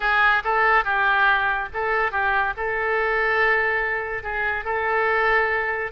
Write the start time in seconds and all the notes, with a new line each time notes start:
0.00 G#4
0.44 A4
0.84 G4
1.73 A4
2.11 G4
2.56 A4
4.23 G#4
4.64 A4